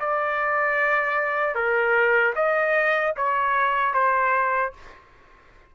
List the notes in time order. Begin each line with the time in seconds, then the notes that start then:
0.00 D5
1.55 A#4
2.35 D#5
3.17 C#5
3.94 C5